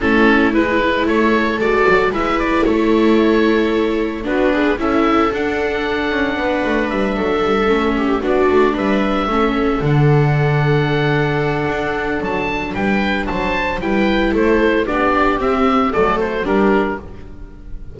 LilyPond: <<
  \new Staff \with { instrumentName = "oboe" } { \time 4/4 \tempo 4 = 113 a'4 b'4 cis''4 d''4 | e''8 d''8 cis''2. | b'4 e''4 fis''2~ | fis''4 e''2~ e''8 d''8~ |
d''8 e''2 fis''4.~ | fis''2. a''4 | g''4 a''4 g''4 c''4 | d''4 e''4 d''8 c''8 ais'4 | }
  \new Staff \with { instrumentName = "viola" } { \time 4/4 e'2 a'2 | b'4 a'2. | fis'8 gis'8 a'2. | b'4. a'4. g'8 fis'8~ |
fis'8 b'4 a'2~ a'8~ | a'1 | b'4 c''4 b'4 a'4 | g'2 a'4 g'4 | }
  \new Staff \with { instrumentName = "viola" } { \time 4/4 cis'4 e'2 fis'4 | e'1 | d'4 e'4 d'2~ | d'2~ d'8 cis'4 d'8~ |
d'4. cis'4 d'4.~ | d'1~ | d'2 e'2 | d'4 c'4 a4 d'4 | }
  \new Staff \with { instrumentName = "double bass" } { \time 4/4 a4 gis4 a4 gis8 fis8 | gis4 a2. | b4 cis'4 d'4. cis'8 | b8 a8 g8 fis8 g8 a4 b8 |
a8 g4 a4 d4.~ | d2 d'4 fis4 | g4 fis4 g4 a4 | b4 c'4 fis4 g4 | }
>>